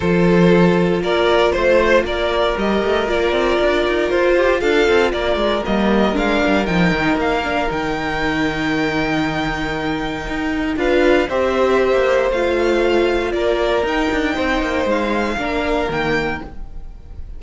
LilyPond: <<
  \new Staff \with { instrumentName = "violin" } { \time 4/4 \tempo 4 = 117 c''2 d''4 c''4 | d''4 dis''4 d''2 | c''4 f''4 d''4 dis''4 | f''4 g''4 f''4 g''4~ |
g''1~ | g''4 f''4 e''2 | f''2 d''4 g''4~ | g''4 f''2 g''4 | }
  \new Staff \with { instrumentName = "violin" } { \time 4/4 a'2 ais'4 c''4 | ais'1~ | ais'8 g'8 a'4 ais'2~ | ais'1~ |
ais'1~ | ais'4 b'4 c''2~ | c''2 ais'2 | c''2 ais'2 | }
  \new Staff \with { instrumentName = "viola" } { \time 4/4 f'1~ | f'4 g'4 f'2~ | f'2. ais4 | d'4 dis'4. d'8 dis'4~ |
dis'1~ | dis'4 f'4 g'2 | f'2. dis'4~ | dis'2 d'4 ais4 | }
  \new Staff \with { instrumentName = "cello" } { \time 4/4 f2 ais4 a4 | ais4 g8 a8 ais8 c'8 d'8 dis'8 | f'4 d'8 c'8 ais8 gis8 g4 | gis8 g8 f8 dis8 ais4 dis4~ |
dis1 | dis'4 d'4 c'4~ c'16 ais8. | a2 ais4 dis'8 d'8 | c'8 ais8 gis4 ais4 dis4 | }
>>